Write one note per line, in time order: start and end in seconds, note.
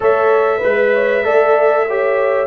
0.00 0.62 A3
0.00 0.60 A4
0.00 0.57 C#5
0.00 2.46 E5
0.57 0.88 B4
0.63 1.24 G#3
0.63 1.24 B4
0.93 1.24 C#5
1.24 2.46 A3
1.24 1.86 A4
1.24 1.86 D5
1.87 2.46 G4
1.87 2.46 C#5